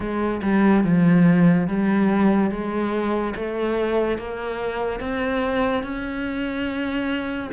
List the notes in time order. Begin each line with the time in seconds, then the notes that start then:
0.00 G#3
0.42 G3
0.84 F3
1.67 G3
2.50 G#3
3.35 A3
4.18 A#3
5.00 C4
5.83 C#4